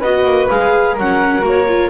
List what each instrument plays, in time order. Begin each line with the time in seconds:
0.00 double bass B3, viola F#4, flute B4, clarinet D#5
0.25 double bass A#3
0.50 double bass G#3, viola G#4, clarinet F5
0.94 double bass F#3, flute A#4, clarinet F#5
1.00 viola C#4
1.42 double bass A#3, viola F#4
1.49 clarinet C#5
1.68 viola F4